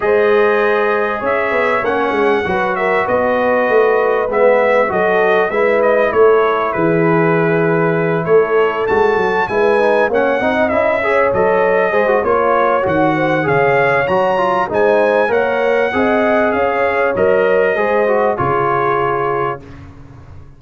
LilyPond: <<
  \new Staff \with { instrumentName = "trumpet" } { \time 4/4 \tempo 4 = 98 dis''2 e''4 fis''4~ | fis''8 e''8 dis''2 e''4 | dis''4 e''8 dis''8 cis''4 b'4~ | b'4. cis''4 a''4 gis''8~ |
gis''8 fis''4 e''4 dis''4. | cis''4 fis''4 f''4 ais''4 | gis''4 fis''2 f''4 | dis''2 cis''2 | }
  \new Staff \with { instrumentName = "horn" } { \time 4/4 c''2 cis''2 | b'8 ais'8 b'2. | a'4 b'4 a'4 gis'4~ | gis'4. a'2 b'8~ |
b'8 cis''8 dis''4 cis''4. c''8 | cis''4. c''8 cis''2 | c''4 cis''4 dis''4 cis''4~ | cis''4 c''4 gis'2 | }
  \new Staff \with { instrumentName = "trombone" } { \time 4/4 gis'2. cis'4 | fis'2. b4 | fis'4 e'2.~ | e'2~ e'8 fis'4 e'8 |
dis'8 cis'8 dis'8 e'8 gis'8 a'4 gis'16 fis'16 | f'4 fis'4 gis'4 fis'8 f'8 | dis'4 ais'4 gis'2 | ais'4 gis'8 fis'8 f'2 | }
  \new Staff \with { instrumentName = "tuba" } { \time 4/4 gis2 cis'8 b8 ais8 gis8 | fis4 b4 a4 gis4 | fis4 gis4 a4 e4~ | e4. a4 gis8 fis8 gis8~ |
gis8 ais8 c'8 cis'4 fis4 gis8 | ais4 dis4 cis4 fis4 | gis4 ais4 c'4 cis'4 | fis4 gis4 cis2 | }
>>